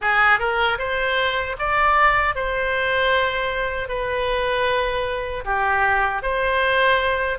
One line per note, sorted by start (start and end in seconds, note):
0.01 0.39 G#4
0.39 0.78 A#4
0.78 1.56 C5
1.58 2.35 D5
2.35 3.88 C5
3.88 5.44 B4
5.44 6.22 G4
6.22 7.38 C5